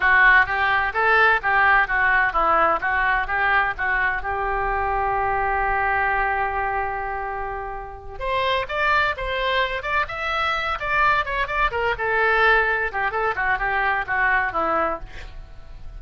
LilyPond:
\new Staff \with { instrumentName = "oboe" } { \time 4/4 \tempo 4 = 128 fis'4 g'4 a'4 g'4 | fis'4 e'4 fis'4 g'4 | fis'4 g'2.~ | g'1~ |
g'4. c''4 d''4 c''8~ | c''4 d''8 e''4. d''4 | cis''8 d''8 ais'8 a'2 g'8 | a'8 fis'8 g'4 fis'4 e'4 | }